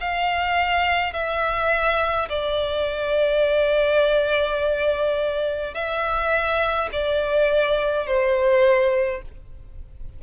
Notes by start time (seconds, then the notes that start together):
0.00 F5
1.13 E5
2.29 D5
5.74 E5
6.92 D5
8.06 C5